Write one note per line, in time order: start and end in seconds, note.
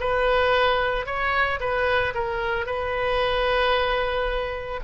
0.00 1.06 B4
1.06 1.60 C#5
1.60 2.14 B4
2.14 2.66 A#4
2.66 4.80 B4